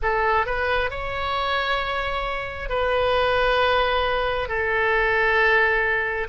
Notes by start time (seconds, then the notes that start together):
0.02 A4
0.46 B4
0.90 C#5
2.69 B4
4.48 A4